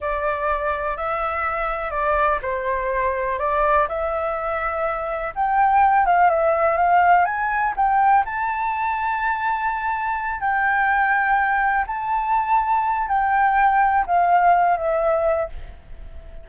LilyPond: \new Staff \with { instrumentName = "flute" } { \time 4/4 \tempo 4 = 124 d''2 e''2 | d''4 c''2 d''4 | e''2. g''4~ | g''8 f''8 e''4 f''4 gis''4 |
g''4 a''2.~ | a''4. g''2~ g''8~ | g''8 a''2~ a''8 g''4~ | g''4 f''4. e''4. | }